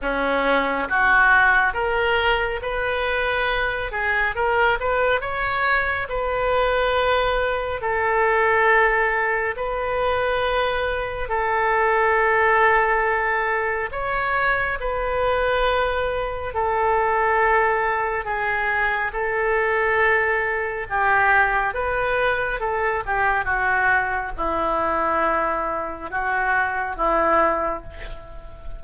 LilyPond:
\new Staff \with { instrumentName = "oboe" } { \time 4/4 \tempo 4 = 69 cis'4 fis'4 ais'4 b'4~ | b'8 gis'8 ais'8 b'8 cis''4 b'4~ | b'4 a'2 b'4~ | b'4 a'2. |
cis''4 b'2 a'4~ | a'4 gis'4 a'2 | g'4 b'4 a'8 g'8 fis'4 | e'2 fis'4 e'4 | }